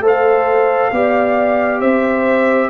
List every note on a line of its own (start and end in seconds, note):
0.00 0.90 A3
0.00 0.92 A4
0.00 0.93 C5
0.07 1.81 F5
0.92 1.81 B3
0.92 2.70 G4
0.92 1.81 D5
1.81 2.70 C4
1.81 2.70 C5
1.81 2.70 E5